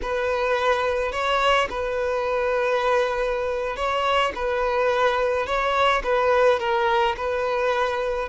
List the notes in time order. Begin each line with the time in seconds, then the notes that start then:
0.02 B4
1.11 C#5
1.70 B4
3.76 C#5
4.35 B4
5.46 C#5
6.03 B4
6.59 A#4
7.16 B4